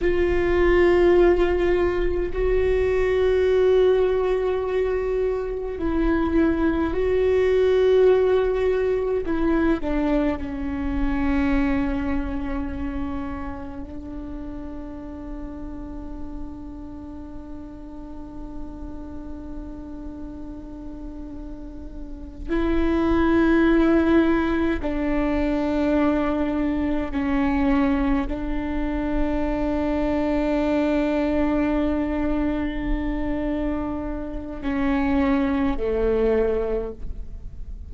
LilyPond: \new Staff \with { instrumentName = "viola" } { \time 4/4 \tempo 4 = 52 f'2 fis'2~ | fis'4 e'4 fis'2 | e'8 d'8 cis'2. | d'1~ |
d'2.~ d'8 e'8~ | e'4. d'2 cis'8~ | cis'8 d'2.~ d'8~ | d'2 cis'4 a4 | }